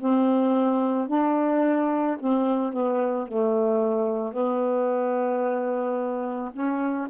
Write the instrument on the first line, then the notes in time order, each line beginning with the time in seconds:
saxophone
0.00 C4
1.09 D4
2.20 C4
2.73 B3
3.28 A3
4.33 B3
6.54 C#4